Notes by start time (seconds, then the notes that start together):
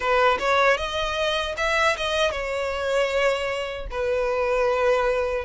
0.00 B4
0.39 C#5
0.77 D#5
1.57 E5
1.97 D#5
2.31 C#5
3.91 B4